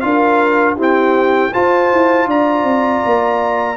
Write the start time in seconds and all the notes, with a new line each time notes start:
0.00 D4 F4 A#4 F5
0.75 C4 E4 G4
0.81 G5
1.53 F4 C5 A5
1.92 E4
2.26 D4 D5 A#5
2.63 C4
3.05 A#3